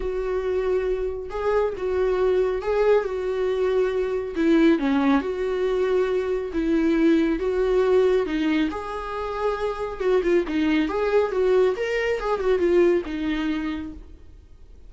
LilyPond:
\new Staff \with { instrumentName = "viola" } { \time 4/4 \tempo 4 = 138 fis'2. gis'4 | fis'2 gis'4 fis'4~ | fis'2 e'4 cis'4 | fis'2. e'4~ |
e'4 fis'2 dis'4 | gis'2. fis'8 f'8 | dis'4 gis'4 fis'4 ais'4 | gis'8 fis'8 f'4 dis'2 | }